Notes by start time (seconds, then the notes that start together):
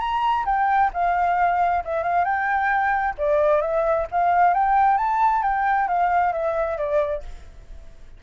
0.00 A#5
0.46 G5
0.94 F5
1.85 E5
2.03 F5
2.25 G5
3.18 D5
3.62 E5
4.12 F5
4.54 G5
4.98 A5
5.43 G5
5.88 F5
6.33 E5
6.78 D5